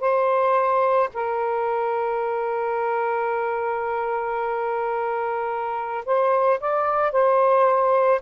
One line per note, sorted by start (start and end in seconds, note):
0.00 1.09 C5
1.13 6.04 A#4
6.05 6.60 C5
6.60 7.12 D5
7.12 8.21 C5